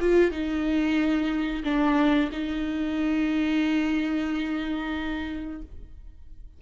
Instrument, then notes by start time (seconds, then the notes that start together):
viola
0.00 F4
0.31 D#4
1.64 D4
2.31 D#4